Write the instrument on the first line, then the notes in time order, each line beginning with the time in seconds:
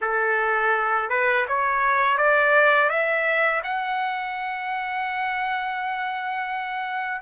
trumpet
0.01 A4
1.09 B4
1.48 C#5
2.17 D5
2.89 E5
3.63 F#5